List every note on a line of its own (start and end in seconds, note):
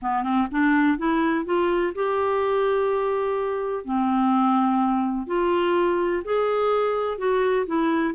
0.01 0.23 B3
0.23 0.47 C4
0.51 0.98 D4
0.98 1.45 E4
1.45 1.93 F4
1.94 3.84 G4
3.84 5.26 C4
5.26 6.22 F4
6.24 7.18 G#4
7.18 7.66 F#4
7.66 8.14 E4